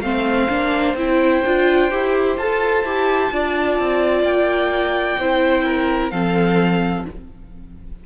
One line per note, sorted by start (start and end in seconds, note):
0.00 0.47 A3
0.00 0.49 C4
0.00 3.32 C5
0.00 0.94 F5
0.49 0.93 A#3
0.49 0.96 D4
0.93 1.40 C4
0.93 1.43 E4
0.93 2.37 G5
1.45 1.91 D4
1.45 1.90 F4
1.90 2.37 E4
1.90 2.37 G4
2.37 2.83 F4
2.37 2.85 A4
2.37 4.23 A5
2.83 3.30 E4
2.83 3.31 G4
3.31 3.78 D4
3.31 5.18 F4
3.31 5.20 D5
3.78 4.23 C4
4.23 5.17 A#3
4.23 6.10 G5
5.18 6.11 C4
5.18 6.11 E4
5.18 5.65 C5
5.65 6.12 A#4
6.10 7.05 F3
6.10 7.05 C4
6.10 7.06 A4
6.10 7.04 F5